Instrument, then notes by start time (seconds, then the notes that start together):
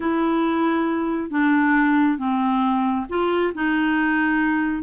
clarinet
0.00 E4
1.30 D4
2.18 C4
3.09 F4
3.54 D#4